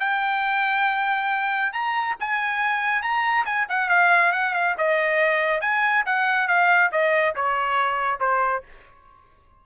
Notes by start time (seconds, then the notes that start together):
0.00 G5
1.73 A#5
2.20 G#5
3.02 A#5
3.46 G#5
3.69 F#5
3.89 F5
4.32 F#5
4.54 F5
4.78 D#5
5.61 G#5
6.06 F#5
6.48 F5
6.92 D#5
7.36 C#5
8.20 C5